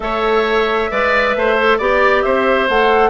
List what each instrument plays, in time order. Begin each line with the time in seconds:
0.00 bassoon A3, clarinet A4, oboe C#5, flute E5
0.90 bassoon G#3, clarinet B4, oboe D5
1.35 bassoon A3, oboe C5
1.57 clarinet A4
1.77 bassoon B3, clarinet G4, oboe D5, flute D5
2.22 bassoon C4, oboe C5, flute E5
2.68 bassoon A3, clarinet A4, flute F#5